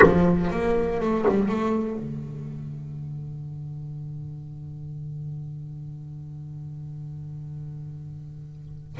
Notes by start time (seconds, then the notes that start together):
0.01 F3
0.50 A#3
1.00 A3
1.28 G3
1.48 A3
1.98 D3